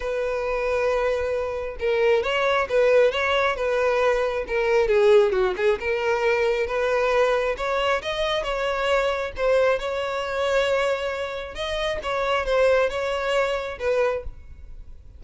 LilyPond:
\new Staff \with { instrumentName = "violin" } { \time 4/4 \tempo 4 = 135 b'1 | ais'4 cis''4 b'4 cis''4 | b'2 ais'4 gis'4 | fis'8 gis'8 ais'2 b'4~ |
b'4 cis''4 dis''4 cis''4~ | cis''4 c''4 cis''2~ | cis''2 dis''4 cis''4 | c''4 cis''2 b'4 | }